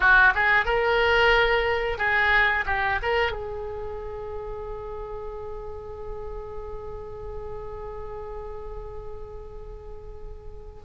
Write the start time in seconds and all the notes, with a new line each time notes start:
0.00 F#4
0.35 G#4
0.65 A#4
1.98 G#4
2.65 G4
3.02 A#4
3.31 G#4